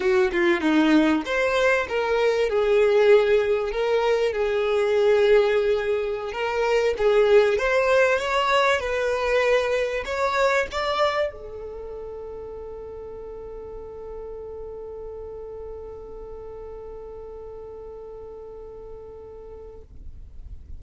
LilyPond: \new Staff \with { instrumentName = "violin" } { \time 4/4 \tempo 4 = 97 fis'8 f'8 dis'4 c''4 ais'4 | gis'2 ais'4 gis'4~ | gis'2~ gis'16 ais'4 gis'8.~ | gis'16 c''4 cis''4 b'4.~ b'16~ |
b'16 cis''4 d''4 a'4.~ a'16~ | a'1~ | a'1~ | a'1 | }